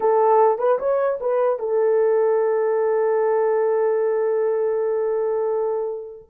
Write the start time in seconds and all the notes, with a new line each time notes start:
0.00 A4
0.58 B4
0.79 C#5
1.20 B4
1.59 A4